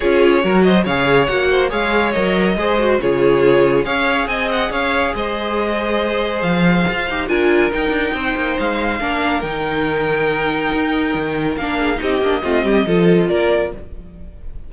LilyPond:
<<
  \new Staff \with { instrumentName = "violin" } { \time 4/4 \tempo 4 = 140 cis''4. dis''8 f''4 fis''4 | f''4 dis''2 cis''4~ | cis''4 f''4 gis''8 fis''8 f''4 | dis''2. f''4~ |
f''4 gis''4 g''2 | f''2 g''2~ | g''2. f''4 | dis''2. d''4 | }
  \new Staff \with { instrumentName = "violin" } { \time 4/4 gis'4 ais'8 c''8 cis''4. c''8 | cis''2 c''4 gis'4~ | gis'4 cis''4 dis''4 cis''4 | c''1~ |
c''4 ais'2 c''4~ | c''4 ais'2.~ | ais'2.~ ais'8 gis'8 | g'4 f'8 g'8 a'4 ais'4 | }
  \new Staff \with { instrumentName = "viola" } { \time 4/4 f'4 fis'4 gis'4 fis'4 | gis'4 ais'4 gis'8 fis'8 f'4~ | f'4 gis'2.~ | gis'1~ |
gis'8 g'8 f'4 dis'2~ | dis'4 d'4 dis'2~ | dis'2. d'4 | dis'8 d'8 c'4 f'2 | }
  \new Staff \with { instrumentName = "cello" } { \time 4/4 cis'4 fis4 cis4 ais4 | gis4 fis4 gis4 cis4~ | cis4 cis'4 c'4 cis'4 | gis2. f4 |
f'8 dis'8 d'4 dis'8 d'8 c'8 ais8 | gis4 ais4 dis2~ | dis4 dis'4 dis4 ais4 | c'8 ais8 a8 g8 f4 ais4 | }
>>